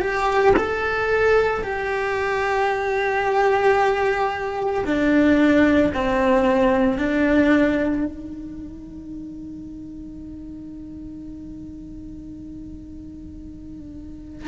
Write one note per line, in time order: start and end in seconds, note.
0.00 0.54 G4
0.56 1.63 A4
1.63 4.85 G4
4.85 5.92 D4
5.94 6.97 C4
6.97 8.05 D4
8.05 14.47 D#4